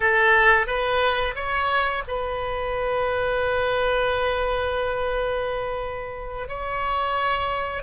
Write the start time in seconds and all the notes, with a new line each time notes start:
0.00 A4
0.66 B4
1.35 C#5
2.07 B4
6.48 C#5